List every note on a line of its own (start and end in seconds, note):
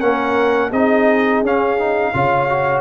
0.00 0.72 A#3
0.00 0.71 C#4
0.00 0.70 A#4
0.00 0.72 F#5
0.70 1.43 C4
0.70 1.45 D#4
0.70 2.12 G#4
0.70 1.44 D#5
1.43 2.13 C#4
1.43 1.79 C#4
1.43 2.82 F5
1.79 2.14 D#4
2.14 2.82 C#3
2.14 2.50 F4
2.14 2.82 C#5
2.50 2.82 F#4